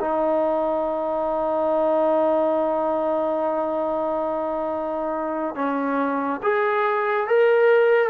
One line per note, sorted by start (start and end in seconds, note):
0.00 5.55 D#4
5.55 6.41 C#4
6.43 7.28 G#4
7.28 8.10 A#4